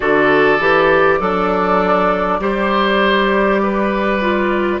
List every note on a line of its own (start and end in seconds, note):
0.00 0.59 D3
0.00 0.58 F#4
0.00 1.19 A4
0.00 4.79 D5
0.59 1.19 E3
0.59 1.19 G4
1.19 2.39 F#3
1.19 2.40 D4
1.19 2.39 A4
2.39 4.79 G3
2.39 4.20 G4
2.39 3.61 C5
3.62 4.80 B4
4.21 4.80 F4